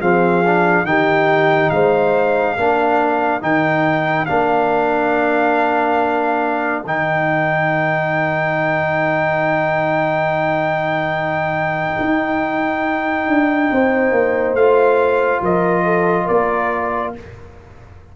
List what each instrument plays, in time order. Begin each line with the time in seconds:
0.00 tuba F3, trombone C4, horn G#4, trumpet F5
0.46 trombone D4
0.84 tuba D#3, trombone D#4, horn G4, trumpet G5
1.70 tuba G#3, horn C5, trumpet F5
2.57 tuba A#3, trombone D4, horn A#4
3.41 tuba D#3, trombone D#4, trumpet G5
4.26 tuba A#3, trombone D4, trumpet F5
6.85 tuba D#3, trombone D#4, trumpet G5
12.00 tuba D#4
13.28 tuba D4
13.72 tuba C4, horn C5
14.12 tuba A#3
14.54 tuba A3, trombone F4, trumpet F5
15.42 tuba F3, horn A#4, trumpet D#5
15.85 horn A4
16.26 tuba A#3, horn A#4, trumpet D5